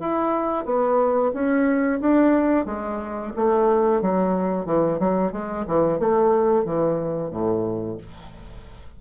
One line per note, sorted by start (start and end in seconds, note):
0.00 0.65 E4
0.65 1.32 B3
1.34 2.00 C#4
2.01 2.66 D4
2.66 3.33 G#3
3.36 4.02 A3
4.02 4.66 F#3
4.66 4.99 E3
5.00 5.32 F#3
5.32 5.66 G#3
5.67 6.00 E3
6.00 6.65 A3
6.65 7.31 E3
7.31 7.98 A2